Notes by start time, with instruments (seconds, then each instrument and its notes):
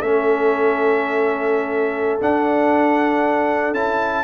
0.00 tuba A3, trombone C#4, horn A4, trumpet E5
2.20 tuba D4, trombone D4, trumpet F#5
3.73 tuba C#4, trombone E4, trumpet A5